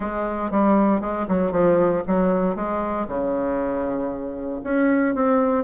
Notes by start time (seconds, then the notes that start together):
0.00 G#3
0.50 G3
1.00 G#3
1.28 F#3
1.51 F3
2.07 F#3
2.55 G#3
3.07 C#3
4.63 C#4
5.14 C4